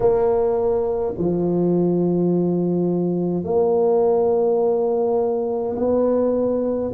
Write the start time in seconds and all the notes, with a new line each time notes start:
0.00 A#3
1.17 F3
3.44 A#3
5.76 B3